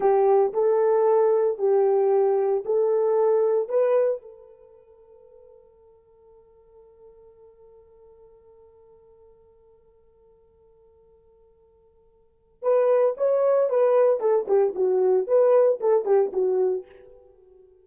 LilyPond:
\new Staff \with { instrumentName = "horn" } { \time 4/4 \tempo 4 = 114 g'4 a'2 g'4~ | g'4 a'2 b'4 | a'1~ | a'1~ |
a'1~ | a'1 | b'4 cis''4 b'4 a'8 g'8 | fis'4 b'4 a'8 g'8 fis'4 | }